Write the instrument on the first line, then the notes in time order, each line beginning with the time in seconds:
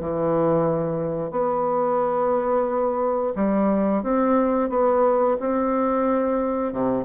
bassoon
0.00 E3
1.31 B3
3.35 G3
4.03 C4
4.69 B3
5.40 C4
6.73 C3